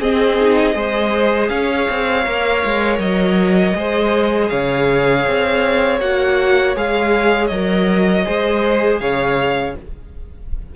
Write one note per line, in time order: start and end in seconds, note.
0.00 0.74 C4
0.00 0.39 C4
0.00 0.75 G#4
0.00 1.48 D#5
0.40 0.74 D#4
0.74 1.49 G#3
0.74 2.24 G#4
0.74 1.50 C5
1.48 1.87 C#4
1.48 3.76 C#5
1.48 2.98 F5
1.89 2.26 C4
2.25 2.63 A#3
2.25 3.74 A#4
2.64 2.98 G#3
2.98 3.73 F#3
2.98 4.49 D#5
3.74 4.50 G#3
3.74 5.99 G#4
3.74 4.51 C5
4.49 5.26 C#3
4.49 8.25 C#5
4.49 5.99 F5
5.27 6.00 C4
6.00 6.75 A#3
6.00 6.75 F#4
6.00 6.75 F#5
6.75 7.50 G#3
6.75 7.50 G#4
6.75 7.47 F5
7.47 8.25 F#3
7.47 8.24 A#4
7.47 8.97 D#5
8.24 9.00 G#3
8.24 9.74 G#4
8.24 9.00 C5
9.00 9.75 C#3
9.00 9.76 C#5
9.00 9.75 F5